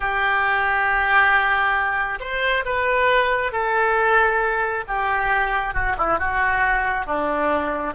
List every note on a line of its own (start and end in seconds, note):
0.00 2.19 G4
2.19 2.64 C5
2.65 3.51 B4
3.51 4.84 A4
4.87 5.74 G4
5.74 5.96 F#4
5.97 6.18 E4
6.18 7.05 F#4
7.05 7.94 D4